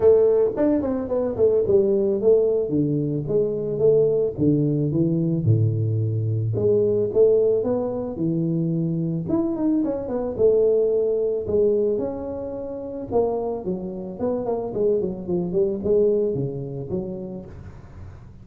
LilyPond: \new Staff \with { instrumentName = "tuba" } { \time 4/4 \tempo 4 = 110 a4 d'8 c'8 b8 a8 g4 | a4 d4 gis4 a4 | d4 e4 a,2 | gis4 a4 b4 e4~ |
e4 e'8 dis'8 cis'8 b8 a4~ | a4 gis4 cis'2 | ais4 fis4 b8 ais8 gis8 fis8 | f8 g8 gis4 cis4 fis4 | }